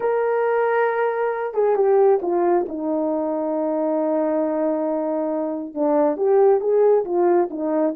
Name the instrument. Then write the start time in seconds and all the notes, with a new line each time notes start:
horn
0.00 A#4
1.53 G#4
1.75 G4
2.22 F4
2.68 D#4
5.74 D4
6.16 G4
6.60 G#4
7.05 F4
7.50 D#4